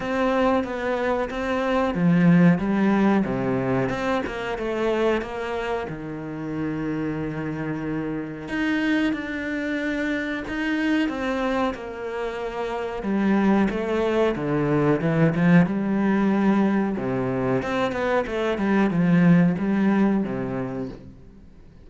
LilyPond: \new Staff \with { instrumentName = "cello" } { \time 4/4 \tempo 4 = 92 c'4 b4 c'4 f4 | g4 c4 c'8 ais8 a4 | ais4 dis2.~ | dis4 dis'4 d'2 |
dis'4 c'4 ais2 | g4 a4 d4 e8 f8 | g2 c4 c'8 b8 | a8 g8 f4 g4 c4 | }